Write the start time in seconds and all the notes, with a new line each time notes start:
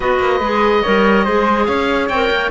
0.00 B3 F#4 B4 D#5
0.19 A#3
0.40 G#3 G#4
0.82 G3 A#4 C#5
1.24 G#3 G#4 C5
1.65 C#4 C#5 F5
2.08 C4 A#4 G5
2.30 A#3